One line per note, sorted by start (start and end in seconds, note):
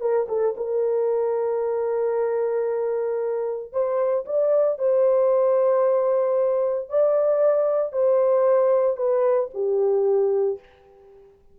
0.00 0.26 A#4
0.28 0.55 A4
0.57 3.72 A#4
3.72 4.25 C5
4.25 4.78 D5
4.78 6.89 C5
6.89 7.92 D5
7.92 8.97 C5
8.97 9.50 B4
9.54 10.59 G4